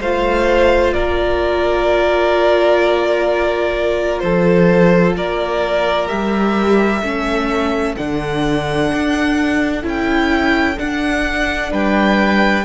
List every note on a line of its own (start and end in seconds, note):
0.00 0.94 A3
0.00 6.08 F4
0.00 0.94 C5
0.00 0.93 F5
0.93 4.22 A#3
0.93 4.22 A#4
0.93 4.19 D5
4.19 5.16 F3
4.19 5.17 A4
4.19 5.13 C5
5.16 6.09 A#3
5.16 7.04 A#4
5.16 6.07 D5
6.07 7.02 G3
6.07 7.01 G4
6.07 7.95 E5
7.02 7.95 A3
7.02 7.96 C#4
7.02 11.71 A4
7.96 8.92 D3
7.96 9.82 D4
7.96 9.84 F#5
8.93 9.83 D4
9.82 10.77 C#4
9.82 10.76 E4
9.82 10.78 G5
10.77 12.64 D4
10.77 11.71 D4
10.77 11.72 F#5
11.71 12.64 G3
11.71 12.64 B4
11.71 12.64 G5